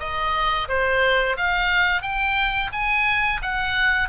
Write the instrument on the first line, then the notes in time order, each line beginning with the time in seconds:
oboe
0.00 D#5
0.68 C5
1.37 F5
2.02 G5
2.73 G#5
3.42 F#5